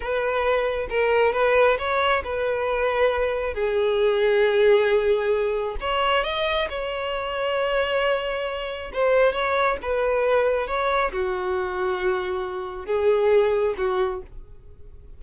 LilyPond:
\new Staff \with { instrumentName = "violin" } { \time 4/4 \tempo 4 = 135 b'2 ais'4 b'4 | cis''4 b'2. | gis'1~ | gis'4 cis''4 dis''4 cis''4~ |
cis''1 | c''4 cis''4 b'2 | cis''4 fis'2.~ | fis'4 gis'2 fis'4 | }